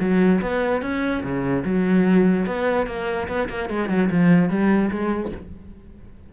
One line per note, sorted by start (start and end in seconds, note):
0.00 0.41 F#3
0.41 0.82 B3
0.82 1.23 C#4
1.23 1.64 C#3
1.65 2.46 F#3
2.46 2.87 B3
2.87 3.28 A#3
3.28 3.49 B3
3.49 3.69 A#3
3.70 3.89 G#3
3.89 4.09 F#3
4.11 4.49 F3
4.49 4.90 G3
4.91 5.32 G#3